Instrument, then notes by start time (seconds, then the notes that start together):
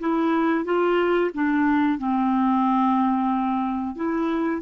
clarinet
0.00 E4
0.65 F4
1.34 D4
1.98 C4
3.96 E4